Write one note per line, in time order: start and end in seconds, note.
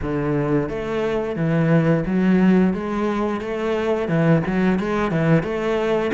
0.02 0.69 D3
0.69 1.35 A3
1.35 2.04 E3
2.05 2.73 F#3
2.73 3.41 G#3
3.41 4.08 A3
4.08 4.42 E3
4.46 4.79 F#3
4.79 5.11 G#3
5.11 5.43 E3
5.43 6.11 A3